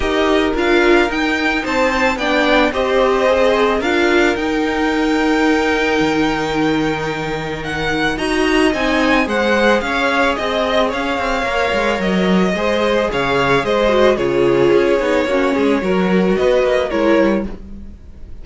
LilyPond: <<
  \new Staff \with { instrumentName = "violin" } { \time 4/4 \tempo 4 = 110 dis''4 f''4 g''4 a''4 | g''4 dis''2 f''4 | g''1~ | g''2 fis''4 ais''4 |
gis''4 fis''4 f''4 dis''4 | f''2 dis''2 | f''4 dis''4 cis''2~ | cis''2 dis''4 cis''4 | }
  \new Staff \with { instrumentName = "violin" } { \time 4/4 ais'2. c''4 | d''4 c''2 ais'4~ | ais'1~ | ais'2. dis''4~ |
dis''4 c''4 cis''4 dis''4 | cis''2. c''4 | cis''4 c''4 gis'2 | fis'8 gis'8 ais'4 b'4 ais'4 | }
  \new Staff \with { instrumentName = "viola" } { \time 4/4 g'4 f'4 dis'2 | d'4 g'4 gis'4 f'4 | dis'1~ | dis'2. fis'4 |
dis'4 gis'2.~ | gis'4 ais'2 gis'4~ | gis'4. fis'8 f'4. dis'8 | cis'4 fis'2 e'4 | }
  \new Staff \with { instrumentName = "cello" } { \time 4/4 dis'4 d'4 dis'4 c'4 | b4 c'2 d'4 | dis'2. dis4~ | dis2. dis'4 |
c'4 gis4 cis'4 c'4 | cis'8 c'8 ais8 gis8 fis4 gis4 | cis4 gis4 cis4 cis'8 b8 | ais8 gis8 fis4 b8 ais8 gis8 g8 | }
>>